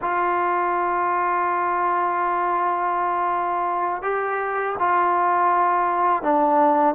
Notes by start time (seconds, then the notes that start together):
0.01 F4
4.02 G4
4.79 F4
6.22 D4